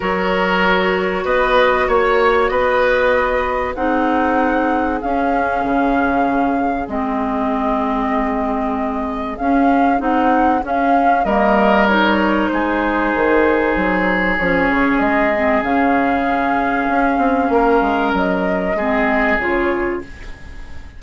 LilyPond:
<<
  \new Staff \with { instrumentName = "flute" } { \time 4/4 \tempo 4 = 96 cis''2 dis''4 cis''4 | dis''2 fis''2 | f''2. dis''4~ | dis''2. f''4 |
fis''4 f''4 dis''4 cis''4 | c''2. cis''4 | dis''4 f''2.~ | f''4 dis''2 cis''4 | }
  \new Staff \with { instrumentName = "oboe" } { \time 4/4 ais'2 b'4 cis''4 | b'2 gis'2~ | gis'1~ | gis'1~ |
gis'2 ais'2 | gis'1~ | gis'1 | ais'2 gis'2 | }
  \new Staff \with { instrumentName = "clarinet" } { \time 4/4 fis'1~ | fis'2 dis'2 | cis'2. c'4~ | c'2. cis'4 |
dis'4 cis'4 ais4 dis'4~ | dis'2. cis'4~ | cis'8 c'8 cis'2.~ | cis'2 c'4 f'4 | }
  \new Staff \with { instrumentName = "bassoon" } { \time 4/4 fis2 b4 ais4 | b2 c'2 | cis'4 cis2 gis4~ | gis2. cis'4 |
c'4 cis'4 g2 | gis4 dis4 fis4 f8 cis8 | gis4 cis2 cis'8 c'8 | ais8 gis8 fis4 gis4 cis4 | }
>>